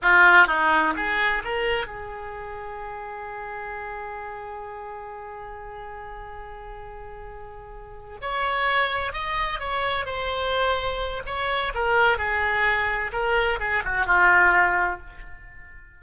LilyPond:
\new Staff \with { instrumentName = "oboe" } { \time 4/4 \tempo 4 = 128 f'4 dis'4 gis'4 ais'4 | gis'1~ | gis'1~ | gis'1~ |
gis'4. cis''2 dis''8~ | dis''8 cis''4 c''2~ c''8 | cis''4 ais'4 gis'2 | ais'4 gis'8 fis'8 f'2 | }